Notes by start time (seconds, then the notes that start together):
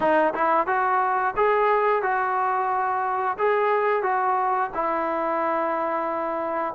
0.00 D#4
0.34 E4
0.66 F#4
1.36 G#4
2.02 F#4
3.38 G#4
4.02 F#4
4.74 E4